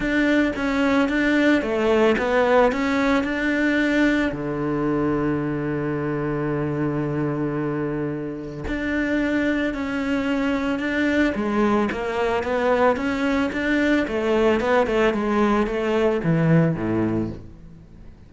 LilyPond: \new Staff \with { instrumentName = "cello" } { \time 4/4 \tempo 4 = 111 d'4 cis'4 d'4 a4 | b4 cis'4 d'2 | d1~ | d1 |
d'2 cis'2 | d'4 gis4 ais4 b4 | cis'4 d'4 a4 b8 a8 | gis4 a4 e4 a,4 | }